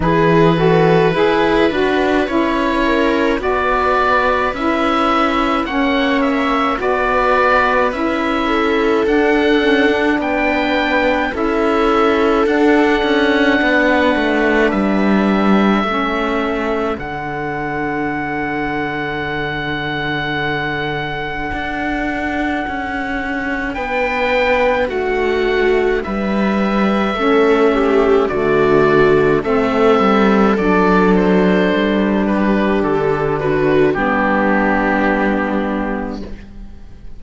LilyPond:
<<
  \new Staff \with { instrumentName = "oboe" } { \time 4/4 \tempo 4 = 53 b'2 cis''4 d''4 | e''4 fis''8 e''8 d''4 e''4 | fis''4 g''4 e''4 fis''4~ | fis''4 e''2 fis''4~ |
fis''1~ | fis''4 g''4 fis''4 e''4~ | e''4 d''4 e''4 d''8 c''8~ | c''8 b'8 a'8 b'8 g'2 | }
  \new Staff \with { instrumentName = "viola" } { \time 4/4 gis'8 a'8 b'4. ais'8 b'4~ | b'4 cis''4 b'4. a'8~ | a'4 b'4 a'2 | b'2 a'2~ |
a'1~ | a'4 b'4 fis'4 b'4 | a'8 g'8 fis'4 a'2~ | a'8 g'4 fis'8 d'2 | }
  \new Staff \with { instrumentName = "saxophone" } { \time 4/4 e'8 fis'8 gis'8 fis'8 e'4 fis'4 | e'4 cis'4 fis'4 e'4 | d'8 cis'16 d'4~ d'16 e'4 d'4~ | d'2 cis'4 d'4~ |
d'1~ | d'1 | cis'4 a4 c'4 d'4~ | d'2 b2 | }
  \new Staff \with { instrumentName = "cello" } { \time 4/4 e4 e'8 d'8 cis'4 b4 | cis'4 ais4 b4 cis'4 | d'4 b4 cis'4 d'8 cis'8 | b8 a8 g4 a4 d4~ |
d2. d'4 | cis'4 b4 a4 g4 | a4 d4 a8 g8 fis4 | g4 d4 g2 | }
>>